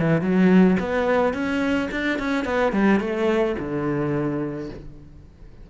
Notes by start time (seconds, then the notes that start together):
0.00 E3
0.21 F#3
0.80 B3
1.34 C#4
1.92 D4
2.19 C#4
2.45 B3
2.73 G3
3.01 A3
3.59 D3